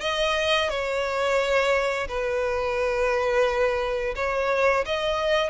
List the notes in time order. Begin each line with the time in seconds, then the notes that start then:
0.00 D#5
0.69 C#5
2.08 B4
4.15 C#5
4.85 D#5